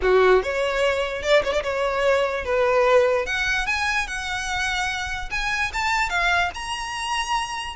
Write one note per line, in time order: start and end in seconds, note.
0.01 0.42 F#4
0.42 1.22 C#5
1.22 1.42 D5
1.44 1.52 C#5
1.52 1.63 D5
1.63 2.44 C#5
2.44 3.26 B4
3.26 3.66 F#5
3.66 4.07 G#5
4.07 5.29 F#5
5.30 5.71 G#5
5.73 6.09 A5
6.09 6.50 F5
6.54 7.76 A#5